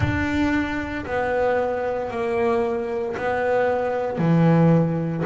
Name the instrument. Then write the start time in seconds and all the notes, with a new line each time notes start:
double bass
0.00 D4
1.05 B3
2.10 A#3
3.16 B3
4.18 E3